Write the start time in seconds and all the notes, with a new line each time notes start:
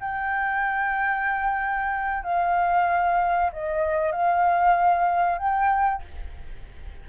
0.00 G5
2.23 F5
3.52 D#5
4.12 F5
5.38 G5